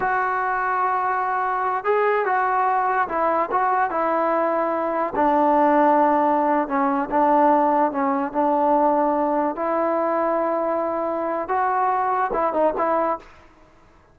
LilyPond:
\new Staff \with { instrumentName = "trombone" } { \time 4/4 \tempo 4 = 146 fis'1~ | fis'8 gis'4 fis'2 e'8~ | e'8 fis'4 e'2~ e'8~ | e'8 d'2.~ d'8~ |
d'16 cis'4 d'2 cis'8.~ | cis'16 d'2. e'8.~ | e'1 | fis'2 e'8 dis'8 e'4 | }